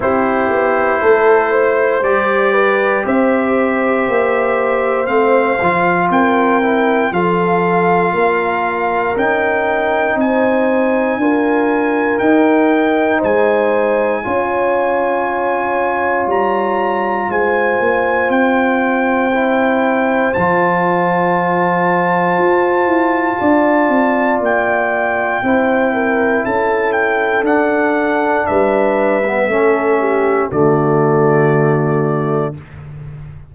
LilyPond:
<<
  \new Staff \with { instrumentName = "trumpet" } { \time 4/4 \tempo 4 = 59 c''2 d''4 e''4~ | e''4 f''4 g''4 f''4~ | f''4 g''4 gis''2 | g''4 gis''2. |
ais''4 gis''4 g''2 | a''1 | g''2 a''8 g''8 fis''4 | e''2 d''2 | }
  \new Staff \with { instrumentName = "horn" } { \time 4/4 g'4 a'8 c''4 b'8 c''4~ | c''2 ais'4 a'4 | ais'2 c''4 ais'4~ | ais'4 c''4 cis''2~ |
cis''4 c''2.~ | c''2. d''4~ | d''4 c''8 ais'8 a'2 | b'4 a'8 g'8 fis'2 | }
  \new Staff \with { instrumentName = "trombone" } { \time 4/4 e'2 g'2~ | g'4 c'8 f'4 e'8 f'4~ | f'4 dis'2 f'4 | dis'2 f'2~ |
f'2. e'4 | f'1~ | f'4 e'2 d'4~ | d'8. b16 cis'4 a2 | }
  \new Staff \with { instrumentName = "tuba" } { \time 4/4 c'8 b8 a4 g4 c'4 | ais4 a8 f8 c'4 f4 | ais4 cis'4 c'4 d'4 | dis'4 gis4 cis'2 |
g4 gis8 ais8 c'2 | f2 f'8 e'8 d'8 c'8 | ais4 c'4 cis'4 d'4 | g4 a4 d2 | }
>>